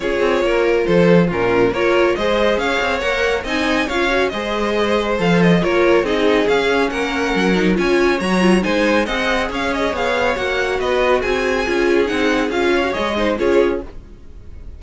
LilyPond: <<
  \new Staff \with { instrumentName = "violin" } { \time 4/4 \tempo 4 = 139 cis''2 c''4 ais'4 | cis''4 dis''4 f''4 fis''4 | gis''4 f''4 dis''2 | f''8 dis''8 cis''4 dis''4 f''4 |
fis''2 gis''4 ais''4 | gis''4 fis''4 f''8 dis''8 f''4 | fis''4 dis''4 gis''2 | fis''4 f''4 dis''4 cis''4 | }
  \new Staff \with { instrumentName = "violin" } { \time 4/4 gis'4 ais'4 a'4 f'4 | ais'4 c''4 cis''2 | dis''4 cis''4 c''2~ | c''4 ais'4 gis'2 |
ais'2 cis''2 | c''4 dis''4 cis''2~ | cis''4 b'4 gis'2~ | gis'4. cis''4 c''8 gis'4 | }
  \new Staff \with { instrumentName = "viola" } { \time 4/4 f'2. cis'4 | f'4 gis'2 ais'4 | dis'4 f'8 fis'8 gis'2 | a'4 f'4 dis'4 cis'4~ |
cis'4. dis'8 f'4 fis'8 f'8 | dis'4 gis'2. | fis'2. f'4 | dis'4 f'8. fis'16 gis'8 dis'8 f'4 | }
  \new Staff \with { instrumentName = "cello" } { \time 4/4 cis'8 c'8 ais4 f4 ais,4 | ais4 gis4 cis'8 c'8 ais4 | c'4 cis'4 gis2 | f4 ais4 c'4 cis'4 |
ais4 fis4 cis'4 fis4 | gis4 c'4 cis'4 b4 | ais4 b4 c'4 cis'4 | c'4 cis'4 gis4 cis'4 | }
>>